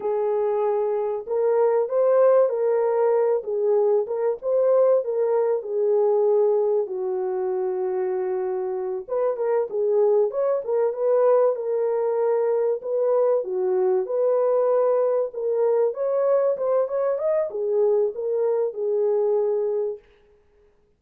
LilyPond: \new Staff \with { instrumentName = "horn" } { \time 4/4 \tempo 4 = 96 gis'2 ais'4 c''4 | ais'4. gis'4 ais'8 c''4 | ais'4 gis'2 fis'4~ | fis'2~ fis'8 b'8 ais'8 gis'8~ |
gis'8 cis''8 ais'8 b'4 ais'4.~ | ais'8 b'4 fis'4 b'4.~ | b'8 ais'4 cis''4 c''8 cis''8 dis''8 | gis'4 ais'4 gis'2 | }